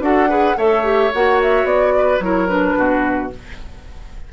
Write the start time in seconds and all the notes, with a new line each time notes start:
0.00 D4 F#4 A4 F#5
0.29 G#4 B4
0.57 A3 A4 C#5 E5
0.83 G4
1.13 A#3 F#4 F#5
1.42 E5
1.63 B3 D5
1.97 B4
2.20 F#3 E4 A#4 C#5
2.48 D4 B4
2.77 B2 F#4